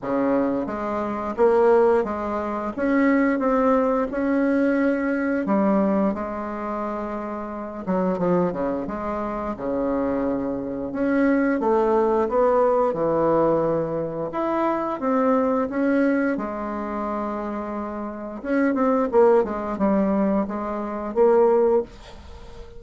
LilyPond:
\new Staff \with { instrumentName = "bassoon" } { \time 4/4 \tempo 4 = 88 cis4 gis4 ais4 gis4 | cis'4 c'4 cis'2 | g4 gis2~ gis8 fis8 | f8 cis8 gis4 cis2 |
cis'4 a4 b4 e4~ | e4 e'4 c'4 cis'4 | gis2. cis'8 c'8 | ais8 gis8 g4 gis4 ais4 | }